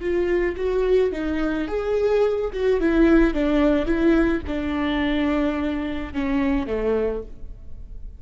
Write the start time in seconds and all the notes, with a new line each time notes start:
0.00 F4
0.57 F#4
1.12 D#4
1.68 G#4
2.53 F#4
2.80 E4
3.34 D4
3.86 E4
4.47 D4
6.13 C#4
6.67 A3